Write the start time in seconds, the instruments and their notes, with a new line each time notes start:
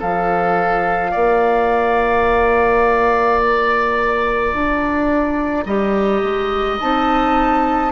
0.00 bassoon F3, clarinet F4, oboe A4, flute F5
1.12 bassoon A#3, oboe D5
3.41 flute A#5
4.54 bassoon D4
5.66 bassoon G3, clarinet G4, oboe D#5
6.23 bassoon G#3
6.80 bassoon C4, clarinet D#4, flute A5